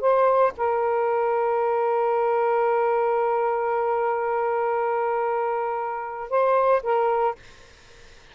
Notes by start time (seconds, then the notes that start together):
0.00 C5
0.57 A#4
6.29 C5
6.83 A#4